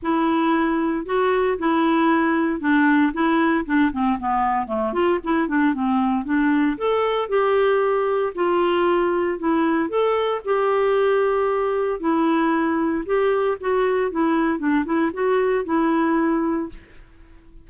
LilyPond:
\new Staff \with { instrumentName = "clarinet" } { \time 4/4 \tempo 4 = 115 e'2 fis'4 e'4~ | e'4 d'4 e'4 d'8 c'8 | b4 a8 f'8 e'8 d'8 c'4 | d'4 a'4 g'2 |
f'2 e'4 a'4 | g'2. e'4~ | e'4 g'4 fis'4 e'4 | d'8 e'8 fis'4 e'2 | }